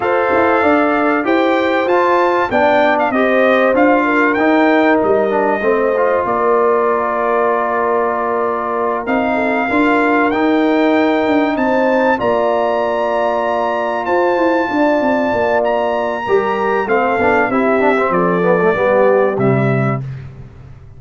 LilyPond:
<<
  \new Staff \with { instrumentName = "trumpet" } { \time 4/4 \tempo 4 = 96 f''2 g''4 a''4 | g''8. f''16 dis''4 f''4 g''4 | dis''2 d''2~ | d''2~ d''8 f''4.~ |
f''8 g''2 a''4 ais''8~ | ais''2~ ais''8 a''4.~ | a''4 ais''2 f''4 | e''4 d''2 e''4 | }
  \new Staff \with { instrumentName = "horn" } { \time 4/4 c''4 d''4 c''2 | d''4 c''4. ais'4.~ | ais'4 c''4 ais'2~ | ais'2. a'8 ais'8~ |
ais'2~ ais'8 c''4 d''8~ | d''2~ d''8 c''4 d''8~ | d''2 ais'4 a'4 | g'4 a'4 g'2 | }
  \new Staff \with { instrumentName = "trombone" } { \time 4/4 a'2 g'4 f'4 | d'4 g'4 f'4 dis'4~ | dis'8 d'8 c'8 f'2~ f'8~ | f'2~ f'8 dis'4 f'8~ |
f'8 dis'2. f'8~ | f'1~ | f'2 g'4 c'8 d'8 | e'8 d'16 c'8. b16 a16 b4 g4 | }
  \new Staff \with { instrumentName = "tuba" } { \time 4/4 f'8 e'8 d'4 e'4 f'4 | b4 c'4 d'4 dis'4 | g4 a4 ais2~ | ais2~ ais8 c'4 d'8~ |
d'8 dis'4. d'8 c'4 ais8~ | ais2~ ais8 f'8 e'8 d'8 | c'8 ais4. g4 a8 b8 | c'4 f4 g4 c4 | }
>>